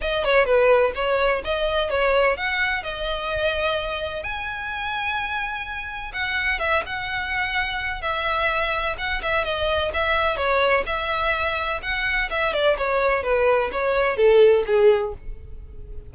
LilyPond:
\new Staff \with { instrumentName = "violin" } { \time 4/4 \tempo 4 = 127 dis''8 cis''8 b'4 cis''4 dis''4 | cis''4 fis''4 dis''2~ | dis''4 gis''2.~ | gis''4 fis''4 e''8 fis''4.~ |
fis''4 e''2 fis''8 e''8 | dis''4 e''4 cis''4 e''4~ | e''4 fis''4 e''8 d''8 cis''4 | b'4 cis''4 a'4 gis'4 | }